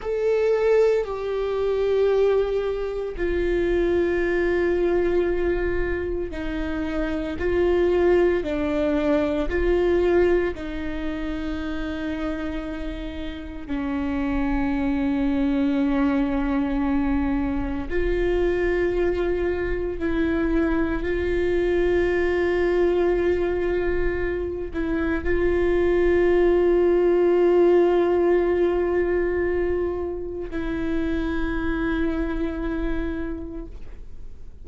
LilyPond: \new Staff \with { instrumentName = "viola" } { \time 4/4 \tempo 4 = 57 a'4 g'2 f'4~ | f'2 dis'4 f'4 | d'4 f'4 dis'2~ | dis'4 cis'2.~ |
cis'4 f'2 e'4 | f'2.~ f'8 e'8 | f'1~ | f'4 e'2. | }